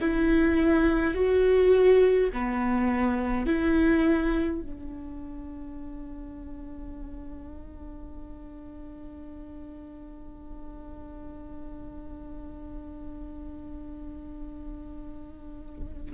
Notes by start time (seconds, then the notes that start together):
0.00 E4
1.14 F#4
2.33 B3
3.46 E4
4.62 D4